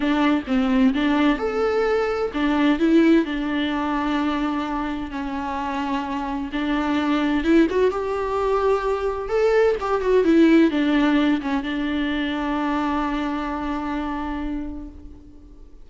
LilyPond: \new Staff \with { instrumentName = "viola" } { \time 4/4 \tempo 4 = 129 d'4 c'4 d'4 a'4~ | a'4 d'4 e'4 d'4~ | d'2. cis'4~ | cis'2 d'2 |
e'8 fis'8 g'2. | a'4 g'8 fis'8 e'4 d'4~ | d'8 cis'8 d'2.~ | d'1 | }